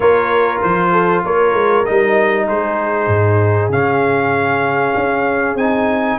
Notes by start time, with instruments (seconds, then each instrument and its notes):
0.00 tuba A#3, trombone F4, horn A#4, trumpet C#5
0.62 tuba F3, trumpet C5
0.91 horn A4
1.24 tuba A#3, horn A#4, trumpet C#5
1.53 tuba G#3
1.85 tuba G3, trombone D#4, trumpet D#5
2.46 tuba G#3, horn G#4, trumpet C5
3.07 tuba G#2
3.68 tuba C#3, trombone C#4, trumpet F5
4.95 tuba C#4
5.55 tuba C4, trombone D#4, trumpet G#5